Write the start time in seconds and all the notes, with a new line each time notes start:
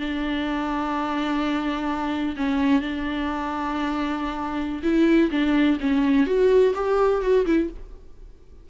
0.00 D4
2.37 C#4
2.82 D4
4.83 E4
5.31 D4
5.81 C#4
6.27 F#4
6.75 G4
7.22 F#4
7.46 E4